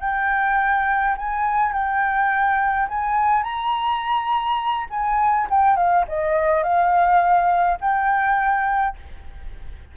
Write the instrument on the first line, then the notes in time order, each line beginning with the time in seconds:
flute
0.00 G5
1.17 G#5
1.72 G5
2.88 G#5
3.43 A#5
4.90 G#5
5.50 G5
5.76 F5
6.08 D#5
6.63 F5
7.81 G5